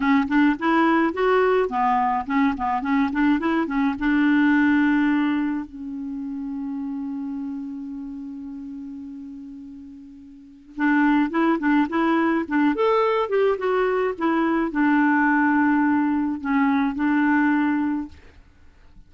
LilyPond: \new Staff \with { instrumentName = "clarinet" } { \time 4/4 \tempo 4 = 106 cis'8 d'8 e'4 fis'4 b4 | cis'8 b8 cis'8 d'8 e'8 cis'8 d'4~ | d'2 cis'2~ | cis'1~ |
cis'2. d'4 | e'8 d'8 e'4 d'8 a'4 g'8 | fis'4 e'4 d'2~ | d'4 cis'4 d'2 | }